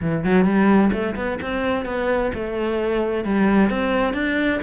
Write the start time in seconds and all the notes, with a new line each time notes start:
0.01 E3
0.24 F#3
0.44 G3
0.92 A3
1.15 B3
1.41 C4
1.85 B3
2.34 A3
3.24 G3
3.69 C4
4.13 D4